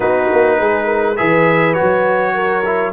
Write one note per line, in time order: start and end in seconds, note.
0.00 0.28 B3
0.00 1.16 D#4
0.00 0.58 F#4
0.00 1.16 B4
0.32 0.60 A#3
0.59 1.19 G#3
0.59 0.84 G#4
0.84 1.14 A#4
1.16 1.78 E3
1.16 1.74 G#4
1.16 2.34 B4
1.16 1.73 E5
1.73 2.63 F#4
1.73 2.91 C#5
1.81 2.92 F#3
2.34 2.92 A#4
2.65 2.92 E4